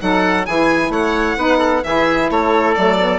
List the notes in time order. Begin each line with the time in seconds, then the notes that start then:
0.00 F#3 D#4 A4 F#5
0.46 E3 E4 G#4 G#5
0.90 A3 C#5 F#5
1.37 B3 D#4 B4
1.58 A4
1.84 E3 E4 G#4 E5
2.30 A3 A4 C#5
2.75 F#3 A3 D5
2.99 B3